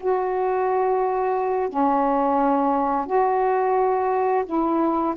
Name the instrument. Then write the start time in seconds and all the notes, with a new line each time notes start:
saxophone
0.00 F#4
1.69 C#4
3.06 F#4
4.46 E4